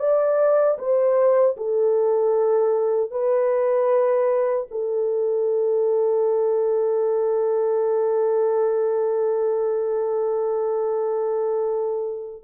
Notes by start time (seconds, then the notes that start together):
0.00 D5
0.79 C5
1.58 A4
3.11 B4
4.71 A4